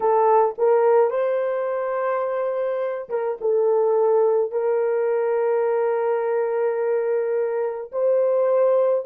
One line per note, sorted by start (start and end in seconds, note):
0.00 0.55 A4
0.58 1.10 A#4
1.10 3.08 C5
3.09 3.37 A#4
3.41 4.51 A4
4.51 7.91 A#4
7.91 9.05 C5